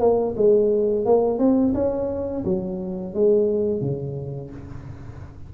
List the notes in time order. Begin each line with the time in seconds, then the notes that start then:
0.00 A#3
0.37 G#3
1.06 A#3
1.39 C4
1.74 C#4
2.45 F#3
3.15 G#3
3.81 C#3